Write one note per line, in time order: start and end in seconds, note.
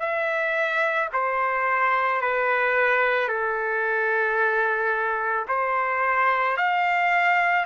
0.00 1.09 E5
1.13 2.22 C5
2.22 3.28 B4
3.28 5.46 A4
5.48 6.57 C5
6.57 7.66 F5